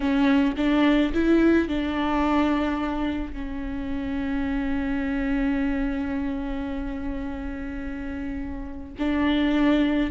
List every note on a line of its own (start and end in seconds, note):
0.00 0.55 C#4
0.56 1.12 D4
1.13 1.68 E4
1.68 3.33 D4
3.33 8.93 C#4
8.98 10.10 D4